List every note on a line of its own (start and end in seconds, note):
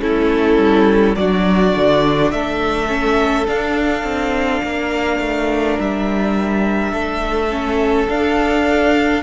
0.00 0.58 A3
0.00 1.15 C#4
0.00 1.18 E4
0.00 1.17 A4
0.58 1.16 G3
1.17 1.75 F#3
1.17 2.88 D4
1.17 2.34 F#4
1.17 2.32 D5
1.76 2.32 D3
2.32 3.48 A3
2.32 4.65 A4
2.32 3.47 E5
2.88 3.46 C#4
3.47 7.50 D4
3.47 4.04 D4
3.47 5.79 F5
4.04 4.62 C4
4.63 5.20 A#3
4.63 6.93 A#4
5.20 5.78 A3
5.79 6.93 G3
5.79 8.09 E5
6.93 8.09 A3
6.93 9.24 A4
7.50 8.08 C#4
8.09 9.24 D4
8.09 9.24 F5